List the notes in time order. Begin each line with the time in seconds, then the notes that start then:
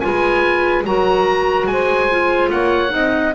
0.00 G#3 F4 B4 G#5
0.85 F#3 F#4 A#4 A#5
1.67 G#3 C5 G#5
2.10 F4
2.51 A#3 C#5 F#5
2.89 C4 D#4 D#5